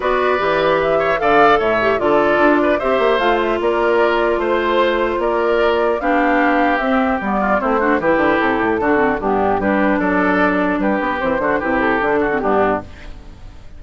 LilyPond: <<
  \new Staff \with { instrumentName = "flute" } { \time 4/4 \tempo 4 = 150 d''2 e''4 f''4 | e''4 d''2 e''4 | f''8 e''8 d''2 c''4~ | c''4 d''2 f''4~ |
f''4 e''4 d''4 c''4 | b'4 a'2 g'4 | b'4 d''2 b'4 | c''4 b'8 a'4. g'4 | }
  \new Staff \with { instrumentName = "oboe" } { \time 4/4 b'2~ b'8 cis''8 d''4 | cis''4 a'4. b'8 c''4~ | c''4 ais'2 c''4~ | c''4 ais'2 g'4~ |
g'2~ g'8 f'8 e'8 fis'8 | g'2 fis'4 d'4 | g'4 a'2 g'4~ | g'8 fis'8 g'4. fis'8 d'4 | }
  \new Staff \with { instrumentName = "clarinet" } { \time 4/4 fis'4 g'2 a'4~ | a'8 g'8 f'2 g'4 | f'1~ | f'2. d'4~ |
d'4 c'4 b4 c'8 d'8 | e'2 d'8 c'8 b4 | d'1 | c'8 d'8 e'4 d'8. c'16 b4 | }
  \new Staff \with { instrumentName = "bassoon" } { \time 4/4 b4 e2 d4 | a,4 d4 d'4 c'8 ais8 | a4 ais2 a4~ | a4 ais2 b4~ |
b4 c'4 g4 a4 | e8 d8 c8 a,8 d4 g,4 | g4 fis2 g8 b8 | e8 d8 c4 d4 g,4 | }
>>